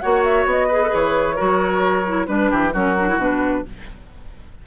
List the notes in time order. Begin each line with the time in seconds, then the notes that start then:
0.00 A#3 F#4 C#5 F#5
0.23 E5
0.45 B3 D#5
0.67 G#4 B4
0.82 A4
0.88 E3 G#4 C#5
1.35 F#3 F#4 A#4
2.06 E4
2.25 G3 D4 B4
2.50 E3 G4
2.72 F#3 C#4 F#4 A#4
2.99 D4
3.08 E4
3.17 B2 D4 B4